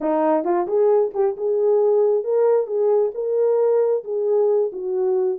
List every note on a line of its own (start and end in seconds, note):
0.00 0.44 D#4
0.44 0.67 F4
0.67 1.12 G#4
1.14 1.36 G4
1.36 2.24 G#4
2.24 2.66 A#4
2.66 3.11 G#4
3.14 4.03 A#4
4.04 4.71 G#4
4.72 5.38 F#4